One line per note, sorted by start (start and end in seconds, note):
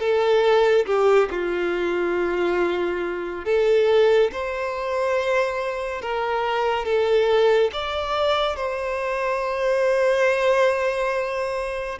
0.00 0.86 A4
0.86 1.29 G4
1.31 3.45 F4
3.45 4.31 A4
4.32 6.02 C5
6.02 6.85 A#4
6.85 7.71 A4
7.73 8.56 D5
8.56 11.99 C5